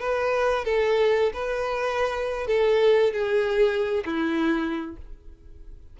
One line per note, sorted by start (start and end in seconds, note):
0.00 0.64 B4
0.64 1.33 A4
1.33 2.47 B4
2.47 3.13 A4
3.13 4.04 G#4
4.06 4.96 E4